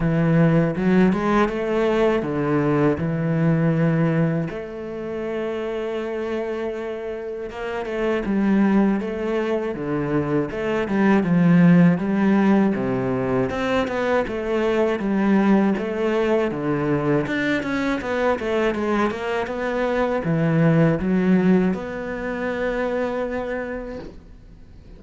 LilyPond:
\new Staff \with { instrumentName = "cello" } { \time 4/4 \tempo 4 = 80 e4 fis8 gis8 a4 d4 | e2 a2~ | a2 ais8 a8 g4 | a4 d4 a8 g8 f4 |
g4 c4 c'8 b8 a4 | g4 a4 d4 d'8 cis'8 | b8 a8 gis8 ais8 b4 e4 | fis4 b2. | }